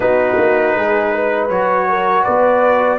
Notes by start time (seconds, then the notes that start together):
0.00 B3 D#4 F#4 B4
0.38 A#3
0.75 G#3 G#4
1.12 B4
1.49 F#3 F#4 C#5
1.89 A#4
2.24 B3 B4 D5